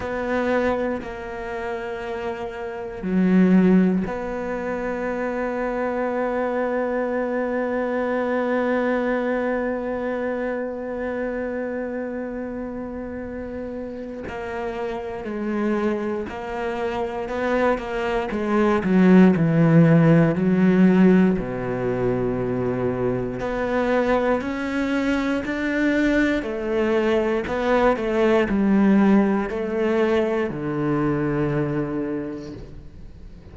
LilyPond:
\new Staff \with { instrumentName = "cello" } { \time 4/4 \tempo 4 = 59 b4 ais2 fis4 | b1~ | b1~ | b2 ais4 gis4 |
ais4 b8 ais8 gis8 fis8 e4 | fis4 b,2 b4 | cis'4 d'4 a4 b8 a8 | g4 a4 d2 | }